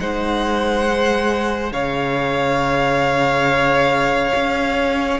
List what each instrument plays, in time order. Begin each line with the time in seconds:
0.00 cello G#3, viola D#4, violin C5 F#5
0.87 viola G#4
1.72 cello C#3, violin C#5 F5
4.35 cello C#4